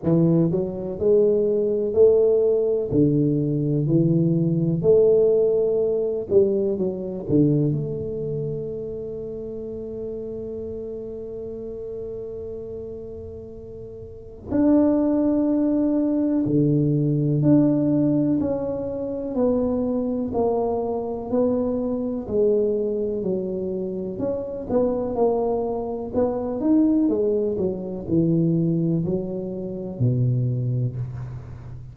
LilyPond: \new Staff \with { instrumentName = "tuba" } { \time 4/4 \tempo 4 = 62 e8 fis8 gis4 a4 d4 | e4 a4. g8 fis8 d8 | a1~ | a2. d'4~ |
d'4 d4 d'4 cis'4 | b4 ais4 b4 gis4 | fis4 cis'8 b8 ais4 b8 dis'8 | gis8 fis8 e4 fis4 b,4 | }